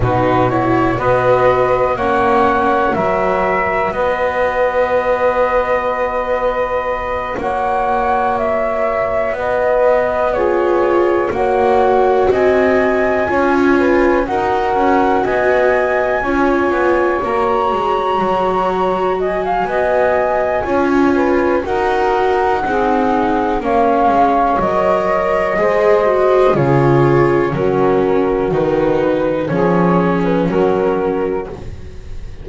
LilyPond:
<<
  \new Staff \with { instrumentName = "flute" } { \time 4/4 \tempo 4 = 61 b'8 cis''8 dis''4 fis''4 e''4 | dis''2.~ dis''8 fis''8~ | fis''8 e''4 dis''4 cis''4 fis''8~ | fis''8 gis''2 fis''4 gis''8~ |
gis''4. ais''2 gis''8~ | gis''2 fis''2 | f''4 dis''2 cis''4 | ais'4 b'4 cis''8. b'16 ais'4 | }
  \new Staff \with { instrumentName = "saxophone" } { \time 4/4 fis'4 b'4 cis''4 ais'4 | b'2.~ b'8 cis''8~ | cis''4. b'4 gis'4 cis''8~ | cis''8 dis''4 cis''8 b'8 ais'4 dis''8~ |
dis''8 cis''2. dis''16 f''16 | dis''4 cis''8 b'8 ais'4 gis'4 | cis''2 c''4 gis'4 | fis'2 gis'4 fis'4 | }
  \new Staff \with { instrumentName = "viola" } { \time 4/4 dis'8 e'8 fis'4 cis'4 fis'4~ | fis'1~ | fis'2~ fis'8 f'4 fis'8~ | fis'4. f'4 fis'4.~ |
fis'8 f'4 fis'2~ fis'8~ | fis'4 f'4 fis'4 dis'4 | cis'4 ais'4 gis'8 fis'8 f'4 | cis'4 dis'4 cis'2 | }
  \new Staff \with { instrumentName = "double bass" } { \time 4/4 b,4 b4 ais4 fis4 | b2.~ b8 ais8~ | ais4. b2 ais8~ | ais8 c'4 cis'4 dis'8 cis'8 b8~ |
b8 cis'8 b8 ais8 gis8 fis4. | b4 cis'4 dis'4 c'4 | ais8 gis8 fis4 gis4 cis4 | fis4 dis4 f4 fis4 | }
>>